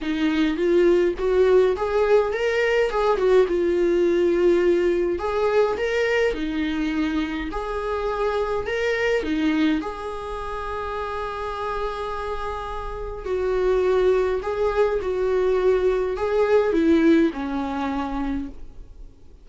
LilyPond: \new Staff \with { instrumentName = "viola" } { \time 4/4 \tempo 4 = 104 dis'4 f'4 fis'4 gis'4 | ais'4 gis'8 fis'8 f'2~ | f'4 gis'4 ais'4 dis'4~ | dis'4 gis'2 ais'4 |
dis'4 gis'2.~ | gis'2. fis'4~ | fis'4 gis'4 fis'2 | gis'4 e'4 cis'2 | }